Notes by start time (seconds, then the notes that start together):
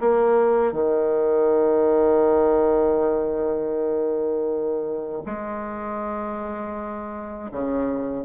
0.00 A#3
0.73 D#3
5.26 G#3
7.51 C#3